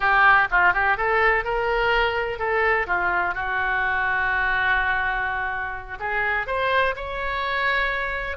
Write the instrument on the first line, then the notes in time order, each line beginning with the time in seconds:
oboe
0.00 G4
0.50 F4
0.73 G4
0.97 A4
1.44 A#4
2.38 A4
2.87 F4
3.34 F#4
5.99 G#4
6.47 C5
6.96 C#5